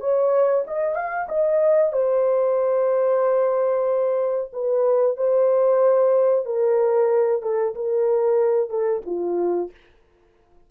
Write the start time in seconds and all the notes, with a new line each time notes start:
0.00 C#5
0.67 D#5
0.95 F5
1.28 D#5
1.93 C5
4.53 B4
5.16 C5
6.45 A#4
7.42 A4
7.75 A#4
8.69 A4
9.06 F4